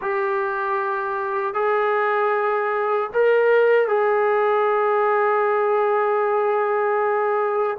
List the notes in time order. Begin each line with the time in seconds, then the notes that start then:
0.01 G4
1.54 G#4
3.13 A#4
3.87 G#4